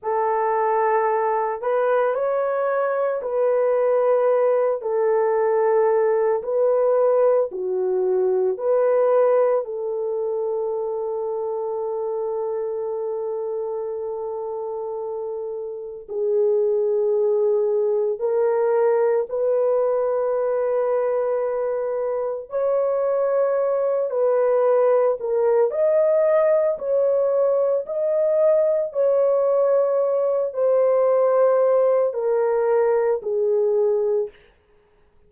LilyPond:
\new Staff \with { instrumentName = "horn" } { \time 4/4 \tempo 4 = 56 a'4. b'8 cis''4 b'4~ | b'8 a'4. b'4 fis'4 | b'4 a'2.~ | a'2. gis'4~ |
gis'4 ais'4 b'2~ | b'4 cis''4. b'4 ais'8 | dis''4 cis''4 dis''4 cis''4~ | cis''8 c''4. ais'4 gis'4 | }